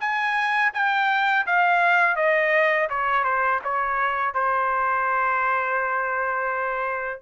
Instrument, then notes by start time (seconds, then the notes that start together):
trumpet
0.00 G#5
0.74 G5
1.47 F5
2.16 D#5
2.90 C#5
3.24 C5
3.64 C#5
4.34 C5